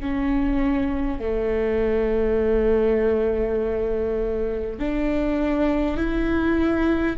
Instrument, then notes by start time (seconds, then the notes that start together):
viola
0.00 C#4
1.19 A3
4.79 D4
5.97 E4